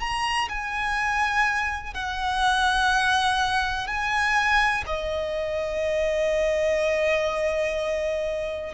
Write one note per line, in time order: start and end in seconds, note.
0.00 0.48 A#5
0.49 1.94 G#5
1.94 3.87 F#5
3.87 4.84 G#5
4.87 8.74 D#5